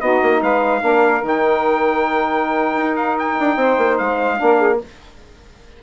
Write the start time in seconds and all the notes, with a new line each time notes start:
0.00 B3 D#4 F#4 D#5
0.22 A#3
0.41 G#3 B4 F5
0.80 A#3 D4 A#4
1.22 D#3 D#4 G5
2.76 D#4
2.96 F5
3.18 G5
3.39 D4
3.56 C4 C5
3.78 A#3
3.97 G#3 F5
4.36 A#3 D4
4.43 A#4
4.59 G#4